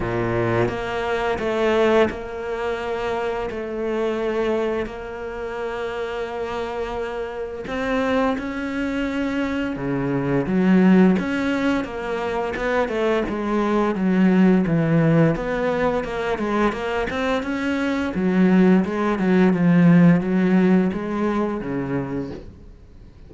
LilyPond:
\new Staff \with { instrumentName = "cello" } { \time 4/4 \tempo 4 = 86 ais,4 ais4 a4 ais4~ | ais4 a2 ais4~ | ais2. c'4 | cis'2 cis4 fis4 |
cis'4 ais4 b8 a8 gis4 | fis4 e4 b4 ais8 gis8 | ais8 c'8 cis'4 fis4 gis8 fis8 | f4 fis4 gis4 cis4 | }